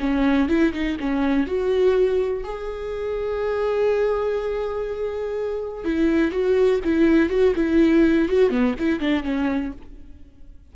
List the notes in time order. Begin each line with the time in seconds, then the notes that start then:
0.00 C#4
0.48 E4
0.73 D#4
1.00 C#4
1.46 F#4
2.44 G#4
5.85 E4
6.31 F#4
6.84 E4
7.29 F#4
7.55 E4
8.28 F#4
8.50 B3
8.79 E4
9.00 D4
9.23 C#4